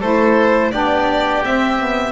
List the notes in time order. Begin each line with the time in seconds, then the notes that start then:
0.00 A3 E4 A4 C5
0.72 B3 D4 G4 D5
1.43 C4 E5
1.79 B3